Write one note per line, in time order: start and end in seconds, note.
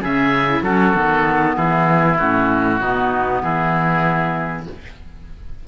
0.00 0.61 C#3
0.00 0.46 C#4
0.00 0.62 G#4
0.00 0.63 E5
0.48 0.63 E4
0.61 0.92 F#3
0.61 0.94 C#4
0.61 1.56 F#4
0.61 1.55 A4
0.94 1.56 D#3
0.94 2.17 B3
1.55 2.18 E3
1.55 2.79 E4
1.55 2.17 G#4
2.18 2.80 A2
2.18 2.80 C#4
2.18 3.41 F#4
2.80 3.42 B2
2.80 4.66 B3
2.80 3.42 D#4
3.42 4.66 E3
3.42 4.67 E4
3.42 4.66 G#4